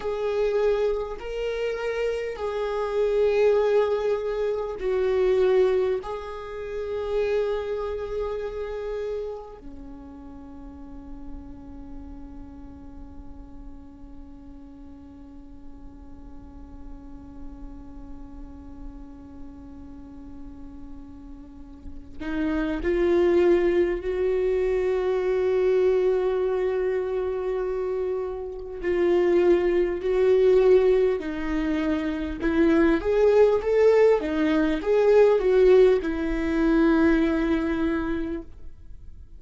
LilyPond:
\new Staff \with { instrumentName = "viola" } { \time 4/4 \tempo 4 = 50 gis'4 ais'4 gis'2 | fis'4 gis'2. | cis'1~ | cis'1~ |
cis'2~ cis'8 dis'8 f'4 | fis'1 | f'4 fis'4 dis'4 e'8 gis'8 | a'8 dis'8 gis'8 fis'8 e'2 | }